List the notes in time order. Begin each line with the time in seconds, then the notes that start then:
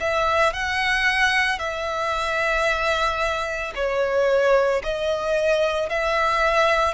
0.00 E5
0.53 F#5
1.59 E5
3.75 C#5
4.83 D#5
5.89 E5